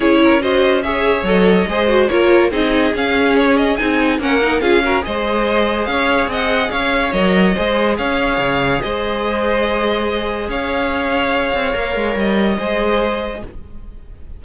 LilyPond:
<<
  \new Staff \with { instrumentName = "violin" } { \time 4/4 \tempo 4 = 143 cis''4 dis''4 e''4 dis''4~ | dis''4 cis''4 dis''4 f''4 | cis''8 dis''8 gis''4 fis''4 f''4 | dis''2 f''4 fis''4 |
f''4 dis''2 f''4~ | f''4 dis''2.~ | dis''4 f''2.~ | f''4 dis''2. | }
  \new Staff \with { instrumentName = "violin" } { \time 4/4 gis'8 ais'8 c''4 cis''2 | c''4 ais'4 gis'2~ | gis'2 ais'4 gis'8 ais'8 | c''2 cis''4 dis''4 |
cis''2 c''4 cis''4~ | cis''4 c''2.~ | c''4 cis''2.~ | cis''2 c''2 | }
  \new Staff \with { instrumentName = "viola" } { \time 4/4 e'4 fis'4 gis'4 a'4 | gis'8 fis'8 f'4 dis'4 cis'4~ | cis'4 dis'4 cis'8 dis'8 f'8 fis'8 | gis'1~ |
gis'4 ais'4 gis'2~ | gis'1~ | gis'1 | ais'2 gis'2 | }
  \new Staff \with { instrumentName = "cello" } { \time 4/4 cis'2. fis4 | gis4 ais4 c'4 cis'4~ | cis'4 c'4 ais4 cis'4 | gis2 cis'4 c'4 |
cis'4 fis4 gis4 cis'4 | cis4 gis2.~ | gis4 cis'2~ cis'8 c'8 | ais8 gis8 g4 gis2 | }
>>